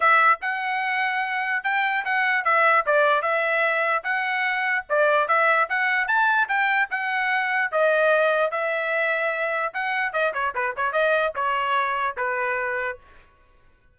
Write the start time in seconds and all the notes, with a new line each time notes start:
0.00 E5
0.41 F#5
1.63 G5
2.04 F#5
2.44 E5
2.85 D5
3.22 E5
4.03 F#5
4.89 D5
5.28 E5
5.69 F#5
6.07 A5
6.48 G5
6.90 F#5
7.71 D#5
8.51 E5
9.73 F#5
10.12 D#5
10.33 C#5
10.54 B4
10.76 C#5
10.92 D#5
11.35 C#5
12.17 B4